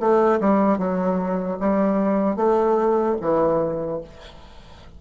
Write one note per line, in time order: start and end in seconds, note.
0.00 0.40 A3
0.40 0.78 G3
0.78 1.58 F#3
1.60 2.36 G3
2.36 3.16 A3
3.21 4.01 E3